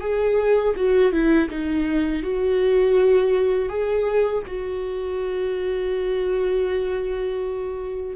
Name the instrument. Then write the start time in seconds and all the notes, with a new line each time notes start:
viola
0.00 G#4
0.76 F#4
1.12 E4
1.49 D#4
2.23 F#4
3.69 G#4
4.46 F#4